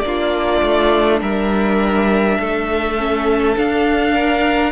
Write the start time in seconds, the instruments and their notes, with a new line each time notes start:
0.00 cello A#3, viola D4, violin D5
0.07 violin F4
0.62 cello A3
1.21 cello G3, violin A#4 E5
2.39 cello A3, violin A4
2.98 viola C#4
3.56 viola D4, cello D4, violin F5
4.14 violin A#4